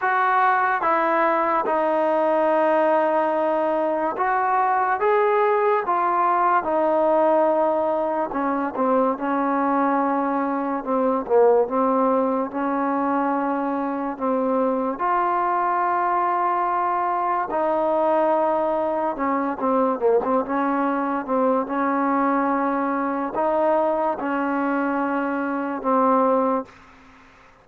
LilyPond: \new Staff \with { instrumentName = "trombone" } { \time 4/4 \tempo 4 = 72 fis'4 e'4 dis'2~ | dis'4 fis'4 gis'4 f'4 | dis'2 cis'8 c'8 cis'4~ | cis'4 c'8 ais8 c'4 cis'4~ |
cis'4 c'4 f'2~ | f'4 dis'2 cis'8 c'8 | ais16 c'16 cis'4 c'8 cis'2 | dis'4 cis'2 c'4 | }